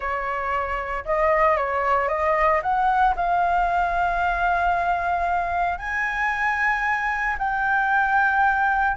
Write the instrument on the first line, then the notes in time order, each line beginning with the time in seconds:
flute
0.00 C#5
1.05 D#5
1.56 C#5
2.08 D#5
2.62 F#5
3.16 F5
5.78 G#5
7.38 G5